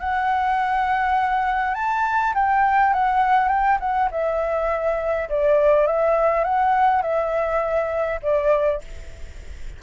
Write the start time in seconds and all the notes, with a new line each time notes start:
0.00 F#5
1.75 A5
2.35 G5
2.94 F#5
3.49 G5
3.80 F#5
4.11 E5
5.30 D5
5.87 E5
6.45 F#5
7.03 E5
8.23 D5